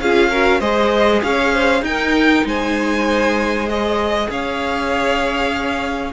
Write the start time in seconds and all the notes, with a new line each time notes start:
0.00 C#4 F4 G#4 F5
0.30 F#4 A#4
0.60 G#3 G#4 C5 D#5
1.22 C#4 C#5 F5
1.53 C5
1.82 D#4 A#4 G5
2.45 G#3 C5 G#5
3.66 G#4 D#5
4.29 C#4 C#5 F5